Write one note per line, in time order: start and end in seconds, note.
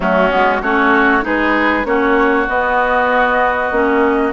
0.00 0.30 F#3
0.00 0.30 A3
0.00 0.61 C#4
0.00 0.62 F#4
0.30 0.61 G#3
0.30 0.60 B3
0.61 1.23 A3
0.61 1.21 C#4
0.61 1.24 F#4
0.61 1.24 C#5
1.21 1.84 G#3
1.21 1.83 D#4
1.21 1.86 G#4
1.21 1.85 B4
1.84 2.46 A#3
1.84 2.46 C#4
1.84 4.33 F#4
1.84 2.47 C#5
2.48 3.71 B3
2.48 3.72 B3
2.48 4.33 D#5
3.71 4.32 A#3
3.71 4.33 C#4